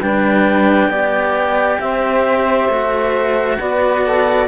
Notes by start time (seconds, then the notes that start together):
0.00 G3 D4 B4 G5
0.88 B3 G4 D5
1.79 C4 C5 E5
2.68 A3 F#4
3.57 B3 B4 D5
4.03 A4